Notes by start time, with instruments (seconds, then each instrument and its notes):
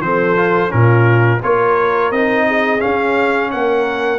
0.00 tuba F3, trombone C4, horn A4, trumpet C5
0.36 trombone F4
0.69 tuba A#2, trombone C#4, horn F4, trumpet A#4
1.40 tuba A#3, trombone F4, horn A#4, trumpet C#5
2.11 tuba C4, trombone D#4, trumpet D#5
2.47 horn G#4
2.79 trombone C#4, tuba C#4, trumpet F5
3.51 tuba A#3, horn A#4, trumpet F#5